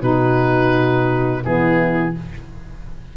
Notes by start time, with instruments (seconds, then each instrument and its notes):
0.00 tuba B2, saxophone D#4, horn F#4, oboe B4
1.43 tuba E3, saxophone B3, horn E4, oboe G#4